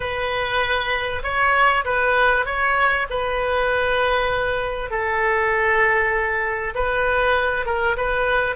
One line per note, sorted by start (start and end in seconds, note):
0.00 1.22 B4
1.23 1.84 C#5
1.85 2.45 B4
2.45 3.06 C#5
3.09 4.90 B4
4.90 6.73 A4
6.74 7.65 B4
7.65 7.96 A#4
7.96 8.55 B4